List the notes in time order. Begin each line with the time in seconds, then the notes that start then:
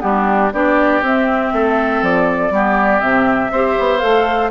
0.00 G3 B3 D4 G4
0.53 B3 D4 G4 D5
1.02 C4 E5
1.53 A3 A4
2.02 F3 D5
2.50 G3 B3 G4
3.00 C3 C4 E5
3.51 C4 G4 C5
3.79 B3
3.99 A3 A4 F5